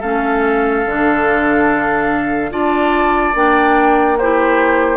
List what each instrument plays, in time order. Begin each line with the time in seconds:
0.00 bassoon A3, clarinet C#4, oboe A4, flute F5
0.85 bassoon D3, clarinet D4
2.50 bassoon D4, clarinet F4, oboe D5, flute A5
3.34 bassoon A#3, clarinet D4, flute G5
4.19 clarinet E4, oboe G4, flute C5